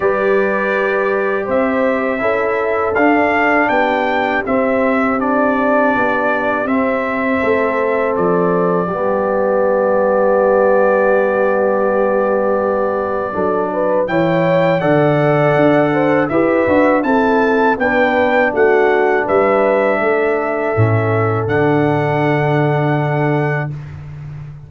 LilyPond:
<<
  \new Staff \with { instrumentName = "trumpet" } { \time 4/4 \tempo 4 = 81 d''2 e''2 | f''4 g''4 e''4 d''4~ | d''4 e''2 d''4~ | d''1~ |
d''2. g''4 | fis''2 e''4 a''4 | g''4 fis''4 e''2~ | e''4 fis''2. | }
  \new Staff \with { instrumentName = "horn" } { \time 4/4 b'2 c''4 a'4~ | a'4 g'2.~ | g'2 a'2 | g'1~ |
g'2 a'8 b'8 cis''4 | d''4. c''8 b'4 a'4 | b'4 fis'4 b'4 a'4~ | a'1 | }
  \new Staff \with { instrumentName = "trombone" } { \time 4/4 g'2. e'4 | d'2 c'4 d'4~ | d'4 c'2. | b1~ |
b2 d'4 e'4 | a'2 g'8 fis'8 e'4 | d'1 | cis'4 d'2. | }
  \new Staff \with { instrumentName = "tuba" } { \time 4/4 g2 c'4 cis'4 | d'4 b4 c'2 | b4 c'4 a4 f4 | g1~ |
g2 fis4 e4 | d4 d'4 e'8 d'8 c'4 | b4 a4 g4 a4 | a,4 d2. | }
>>